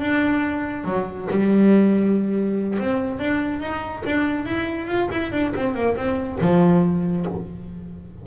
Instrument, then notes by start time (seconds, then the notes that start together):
double bass
0.00 D4
0.85 F#3
1.31 G3
2.80 C4
3.20 D4
3.61 D#4
4.06 D4
4.46 E4
4.87 F4
5.12 E4
5.33 D4
5.56 C4
5.75 A#3
5.97 C4
6.41 F3